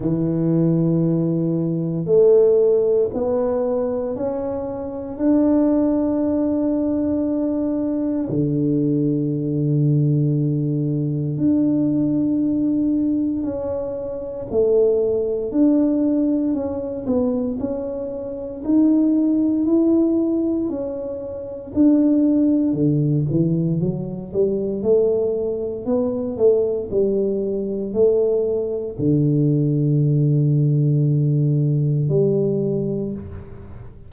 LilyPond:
\new Staff \with { instrumentName = "tuba" } { \time 4/4 \tempo 4 = 58 e2 a4 b4 | cis'4 d'2. | d2. d'4~ | d'4 cis'4 a4 d'4 |
cis'8 b8 cis'4 dis'4 e'4 | cis'4 d'4 d8 e8 fis8 g8 | a4 b8 a8 g4 a4 | d2. g4 | }